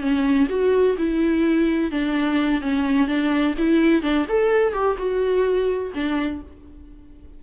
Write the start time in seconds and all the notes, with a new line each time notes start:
0.00 C#4
0.49 F#4
0.98 E4
1.91 D4
2.61 C#4
3.08 D4
3.58 E4
4.02 D4
4.29 A4
4.73 G4
4.98 F#4
5.94 D4